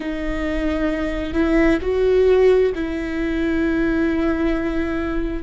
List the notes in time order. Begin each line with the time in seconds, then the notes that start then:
0.00 D#4
1.33 E4
1.81 F#4
2.74 E4